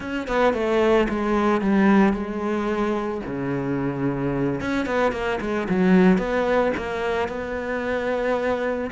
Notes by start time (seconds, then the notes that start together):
0.00 C#4
0.27 B3
0.53 A3
1.09 G#3
1.61 G3
2.13 G#3
3.26 C#3
4.60 C#4
4.86 B3
5.12 A#3
5.40 G#3
5.69 F#3
6.18 B3
6.77 A#3
7.28 B3